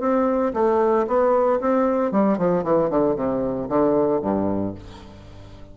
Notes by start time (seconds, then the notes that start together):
0.00 C4
0.54 A3
1.07 B3
1.61 C4
2.12 G3
2.38 F3
2.64 E3
2.90 D3
3.16 C3
3.69 D3
4.22 G2